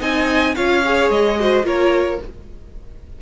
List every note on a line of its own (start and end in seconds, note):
0.00 0.55 C4
0.00 0.55 D#4
0.00 0.55 D#5
0.00 0.55 G#5
0.55 1.10 C#4
0.55 0.84 F4
0.55 1.39 C#5
0.55 1.10 F5
0.85 1.40 G#4
1.10 1.64 G#3
1.10 1.66 D#5
1.40 1.64 F#4
1.40 1.66 C5
1.64 2.19 A#3
1.64 2.19 F4
1.64 2.21 A#4
1.64 2.22 C#5